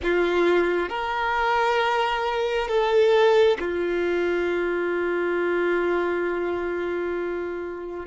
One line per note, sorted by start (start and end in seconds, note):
0.02 0.89 F4
0.89 2.68 A#4
2.68 3.57 A4
3.59 8.06 F4